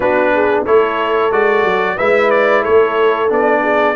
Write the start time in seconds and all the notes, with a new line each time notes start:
0.00 B3 D4 F#4 B4
0.34 G#4
0.64 A3 E4 A4 C#5
1.31 G#3 F#4 D5
1.64 F#3
1.96 G#3 E4 B4 E5
2.30 D5
2.62 A3 A4 C#5
3.28 B3 D4 D5
3.62 G#4